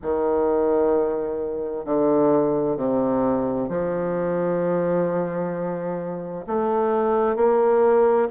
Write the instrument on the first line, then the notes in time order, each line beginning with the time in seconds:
bassoon
0.02 D#3
1.85 D3
2.77 C3
3.68 F3
6.46 A3
7.36 A#3